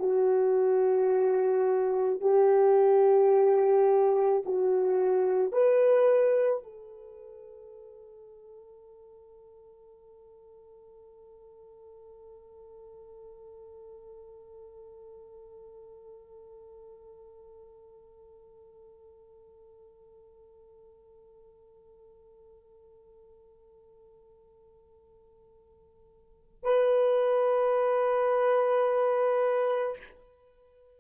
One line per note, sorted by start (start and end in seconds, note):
0.00 2.21 F#4
2.21 4.43 G4
4.46 5.53 F#4
5.53 6.64 B4
6.64 26.64 A4
26.64 29.97 B4